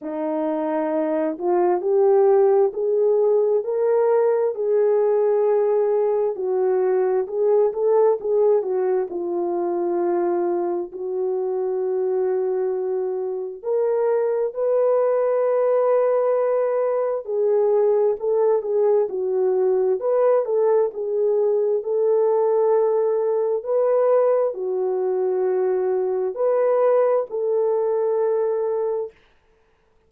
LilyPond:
\new Staff \with { instrumentName = "horn" } { \time 4/4 \tempo 4 = 66 dis'4. f'8 g'4 gis'4 | ais'4 gis'2 fis'4 | gis'8 a'8 gis'8 fis'8 f'2 | fis'2. ais'4 |
b'2. gis'4 | a'8 gis'8 fis'4 b'8 a'8 gis'4 | a'2 b'4 fis'4~ | fis'4 b'4 a'2 | }